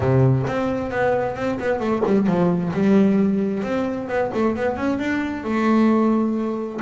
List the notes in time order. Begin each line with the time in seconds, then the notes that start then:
0.00 C3
0.47 C4
0.90 B3
1.36 C4
1.59 B3
1.80 A3
2.05 G3
2.26 F3
2.73 G3
3.63 C4
4.08 B3
4.33 A3
4.56 B3
4.76 C#4
4.99 D4
5.43 A3